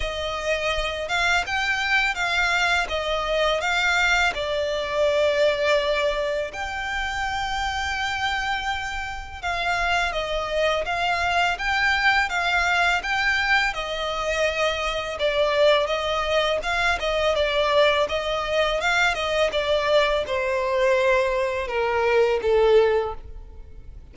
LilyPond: \new Staff \with { instrumentName = "violin" } { \time 4/4 \tempo 4 = 83 dis''4. f''8 g''4 f''4 | dis''4 f''4 d''2~ | d''4 g''2.~ | g''4 f''4 dis''4 f''4 |
g''4 f''4 g''4 dis''4~ | dis''4 d''4 dis''4 f''8 dis''8 | d''4 dis''4 f''8 dis''8 d''4 | c''2 ais'4 a'4 | }